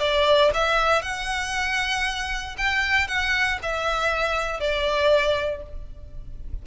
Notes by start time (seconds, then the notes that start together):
0.00 D5
0.55 E5
1.03 F#5
2.58 G5
3.08 F#5
3.63 E5
4.60 D5